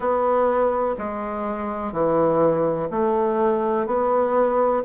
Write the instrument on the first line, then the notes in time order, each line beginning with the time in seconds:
bassoon
0.00 B3
0.98 G#3
1.92 E3
2.90 A3
3.86 B3